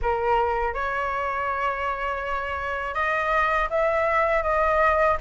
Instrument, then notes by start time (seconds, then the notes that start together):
flute
0.02 A#4
0.73 C#5
2.94 D#5
3.70 E5
4.42 D#5